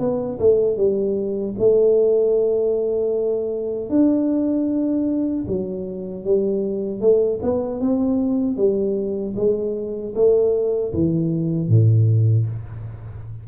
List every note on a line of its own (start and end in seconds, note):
0.00 0.39 B3
0.39 0.77 A3
0.77 1.55 G3
1.59 3.90 A3
3.90 5.45 D4
5.48 6.25 F#3
6.25 7.01 G3
7.01 7.40 A3
7.43 7.81 B3
7.81 8.57 C4
8.57 9.35 G3
9.36 10.14 G#3
10.15 10.93 A3
10.93 11.69 E3
11.69 12.47 A2